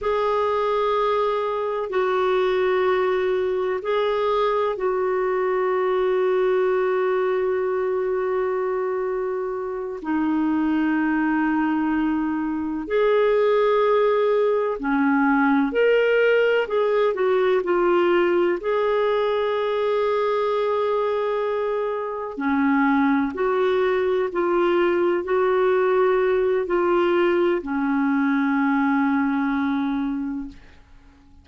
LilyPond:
\new Staff \with { instrumentName = "clarinet" } { \time 4/4 \tempo 4 = 63 gis'2 fis'2 | gis'4 fis'2.~ | fis'2~ fis'8 dis'4.~ | dis'4. gis'2 cis'8~ |
cis'8 ais'4 gis'8 fis'8 f'4 gis'8~ | gis'2.~ gis'8 cis'8~ | cis'8 fis'4 f'4 fis'4. | f'4 cis'2. | }